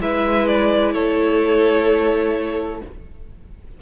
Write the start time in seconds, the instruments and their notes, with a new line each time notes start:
0.00 cello G#3, viola E4, violin B4 E5
0.47 violin D5
0.93 cello A3, violin A4 C#5